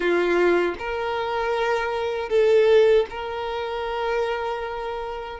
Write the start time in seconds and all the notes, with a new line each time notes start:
0.00 F4
0.79 A#4
2.29 A4
3.10 A#4